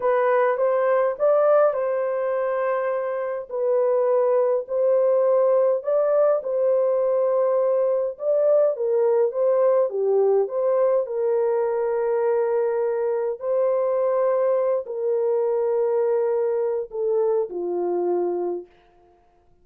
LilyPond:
\new Staff \with { instrumentName = "horn" } { \time 4/4 \tempo 4 = 103 b'4 c''4 d''4 c''4~ | c''2 b'2 | c''2 d''4 c''4~ | c''2 d''4 ais'4 |
c''4 g'4 c''4 ais'4~ | ais'2. c''4~ | c''4. ais'2~ ais'8~ | ais'4 a'4 f'2 | }